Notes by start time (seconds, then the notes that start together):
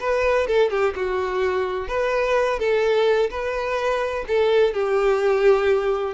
0.00 B4
0.47 A4
0.70 G4
0.96 F#4
1.88 B4
2.59 A4
3.30 B4
4.27 A4
4.74 G4